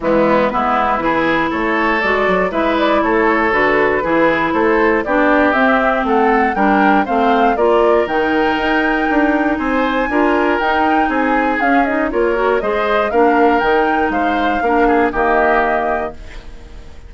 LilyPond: <<
  \new Staff \with { instrumentName = "flute" } { \time 4/4 \tempo 4 = 119 e'4 b'2 cis''4 | d''4 e''8 d''8 cis''4 b'4~ | b'4 c''4 d''4 e''4 | fis''4 g''4 f''4 d''4 |
g''2. gis''4~ | gis''4 g''4 gis''4 f''8 dis''8 | cis''4 dis''4 f''4 g''4 | f''2 dis''2 | }
  \new Staff \with { instrumentName = "oboe" } { \time 4/4 b4 e'4 gis'4 a'4~ | a'4 b'4 a'2 | gis'4 a'4 g'2 | a'4 ais'4 c''4 ais'4~ |
ais'2. c''4 | ais'2 gis'2 | ais'4 c''4 ais'2 | c''4 ais'8 gis'8 g'2 | }
  \new Staff \with { instrumentName = "clarinet" } { \time 4/4 gis4 b4 e'2 | fis'4 e'2 fis'4 | e'2 d'4 c'4~ | c'4 d'4 c'4 f'4 |
dis'1 | f'4 dis'2 cis'8 dis'8 | f'8 fis'8 gis'4 d'4 dis'4~ | dis'4 d'4 ais2 | }
  \new Staff \with { instrumentName = "bassoon" } { \time 4/4 e4 gis4 e4 a4 | gis8 fis8 gis4 a4 d4 | e4 a4 b4 c'4 | a4 g4 a4 ais4 |
dis4 dis'4 d'4 c'4 | d'4 dis'4 c'4 cis'4 | ais4 gis4 ais4 dis4 | gis4 ais4 dis2 | }
>>